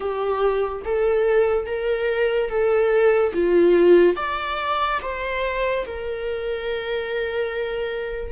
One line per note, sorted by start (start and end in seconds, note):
0.00 0.82 G4
0.84 1.66 A4
1.66 2.49 A#4
2.49 3.33 A4
3.33 4.16 F4
4.16 4.99 D5
5.02 5.85 C5
5.85 8.32 A#4